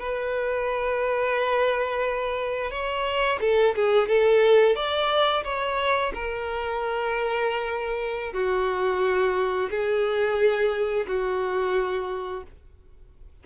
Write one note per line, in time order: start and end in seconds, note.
0.00 2.71 B4
2.71 3.39 C#5
3.41 3.75 A4
3.75 4.08 G#4
4.08 4.76 A4
4.76 5.44 D5
5.44 6.12 C#5
6.14 8.33 A#4
8.33 9.70 F#4
9.70 11.07 G#4
11.07 12.43 F#4